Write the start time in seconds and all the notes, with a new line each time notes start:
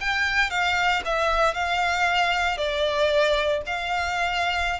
0.00 G5
0.50 F5
1.05 E5
1.54 F5
2.57 D5
3.66 F5